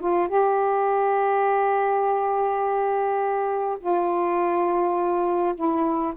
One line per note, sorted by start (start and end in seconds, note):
0.00 0.28 F4
0.28 3.78 G4
3.80 5.55 F4
5.55 6.14 E4